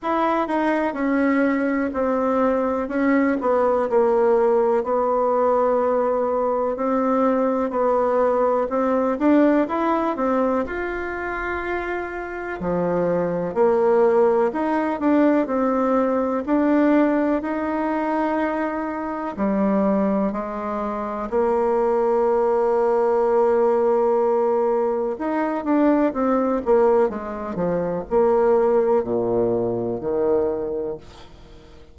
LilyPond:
\new Staff \with { instrumentName = "bassoon" } { \time 4/4 \tempo 4 = 62 e'8 dis'8 cis'4 c'4 cis'8 b8 | ais4 b2 c'4 | b4 c'8 d'8 e'8 c'8 f'4~ | f'4 f4 ais4 dis'8 d'8 |
c'4 d'4 dis'2 | g4 gis4 ais2~ | ais2 dis'8 d'8 c'8 ais8 | gis8 f8 ais4 ais,4 dis4 | }